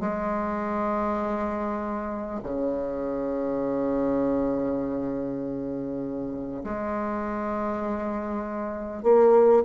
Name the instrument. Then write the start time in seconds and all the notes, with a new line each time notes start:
bassoon
0.00 G#3
2.43 C#3
6.63 G#3
9.03 A#3